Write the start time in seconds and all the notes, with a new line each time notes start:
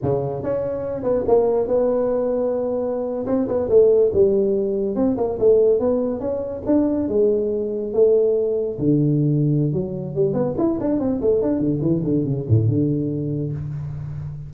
0.02 C#3
0.43 C#4
1.03 B3
1.27 A#3
1.67 B3
3.26 C4
3.47 B3
3.69 A3
4.13 G3
4.95 C4
5.17 A#3
5.39 A3
5.79 B3
6.20 C#4
6.66 D4
7.08 G#3
7.93 A3
8.78 D3
9.73 F#3
10.15 G3
10.33 B3
10.57 E4
10.80 D4
10.99 C4
11.21 A3
11.42 D4
11.59 D3
11.81 E3
12.03 D3
12.25 C#3
12.48 A2
12.68 D3